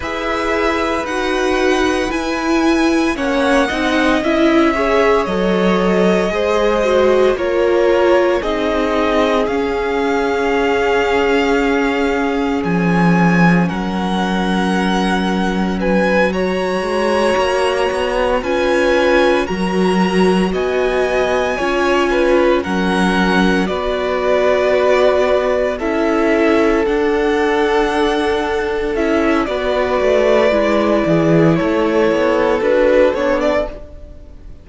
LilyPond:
<<
  \new Staff \with { instrumentName = "violin" } { \time 4/4 \tempo 4 = 57 e''4 fis''4 gis''4 fis''4 | e''4 dis''2 cis''4 | dis''4 f''2. | gis''4 fis''2 gis''8 ais''8~ |
ais''4. gis''4 ais''4 gis''8~ | gis''4. fis''4 d''4.~ | d''8 e''4 fis''2 e''8 | d''2 cis''4 b'8 cis''16 d''16 | }
  \new Staff \with { instrumentName = "violin" } { \time 4/4 b'2. cis''8 dis''8~ | dis''8 cis''4. c''4 ais'4 | gis'1~ | gis'4 ais'2 b'8 cis''8~ |
cis''4. b'4 ais'4 dis''8~ | dis''8 cis''8 b'8 ais'4 b'4.~ | b'8 a'2.~ a'8 | b'4. gis'8 a'2 | }
  \new Staff \with { instrumentName = "viola" } { \time 4/4 gis'4 fis'4 e'4 cis'8 dis'8 | e'8 gis'8 a'4 gis'8 fis'8 f'4 | dis'4 cis'2.~ | cis'2.~ cis'8 fis'8~ |
fis'4. f'4 fis'4.~ | fis'8 f'4 cis'4 fis'4.~ | fis'8 e'4 d'2 e'8 | fis'4 e'2 fis'8 d'8 | }
  \new Staff \with { instrumentName = "cello" } { \time 4/4 e'4 dis'4 e'4 ais8 c'8 | cis'4 fis4 gis4 ais4 | c'4 cis'2. | f4 fis2. |
gis8 ais8 b8 cis'4 fis4 b8~ | b8 cis'4 fis4 b4.~ | b8 cis'4 d'2 cis'8 | b8 a8 gis8 e8 a8 b8 d'8 b8 | }
>>